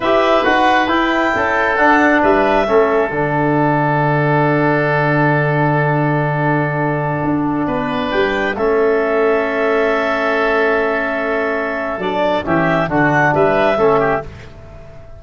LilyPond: <<
  \new Staff \with { instrumentName = "clarinet" } { \time 4/4 \tempo 4 = 135 e''4 fis''4 g''2 | fis''4 e''2 fis''4~ | fis''1~ | fis''1~ |
fis''2~ fis''16 g''4 e''8.~ | e''1~ | e''2. d''4 | e''4 fis''4 e''2 | }
  \new Staff \with { instrumentName = "oboe" } { \time 4/4 b'2. a'4~ | a'4 b'4 a'2~ | a'1~ | a'1~ |
a'4~ a'16 b'2 a'8.~ | a'1~ | a'1 | g'4 fis'4 b'4 a'8 g'8 | }
  \new Staff \with { instrumentName = "trombone" } { \time 4/4 g'4 fis'4 e'2 | d'2 cis'4 d'4~ | d'1~ | d'1~ |
d'2.~ d'16 cis'8.~ | cis'1~ | cis'2. d'4 | cis'4 d'2 cis'4 | }
  \new Staff \with { instrumentName = "tuba" } { \time 4/4 e'4 dis'4 e'4 cis'4 | d'4 g4 a4 d4~ | d1~ | d1~ |
d16 d'4 b4 g4 a8.~ | a1~ | a2. fis4 | e4 d4 g4 a4 | }
>>